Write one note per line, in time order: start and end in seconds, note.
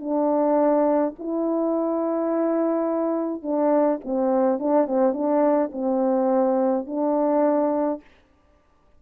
0.00 1.14 D4
1.19 3.42 E4
3.42 3.99 D4
4.05 4.59 C4
4.59 4.87 D4
4.87 5.13 C4
5.13 5.70 D4
5.72 6.86 C4
6.87 8.01 D4